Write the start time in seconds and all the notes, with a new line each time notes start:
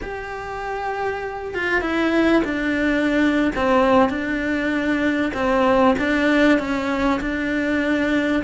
0.02 G4
1.54 F4
1.81 E4
2.44 D4
3.55 C4
4.09 D4
5.33 C4
5.99 D4
6.58 C#4
7.20 D4